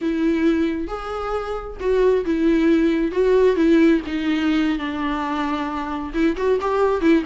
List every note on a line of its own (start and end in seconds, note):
0.01 0.87 E4
0.87 1.77 G#4
1.80 2.24 F#4
2.25 3.11 E4
3.11 3.56 F#4
3.56 4.01 E4
4.06 4.78 D#4
4.78 6.12 D4
6.13 6.36 E4
6.37 6.59 F#4
6.60 7.01 G4
7.01 7.23 E4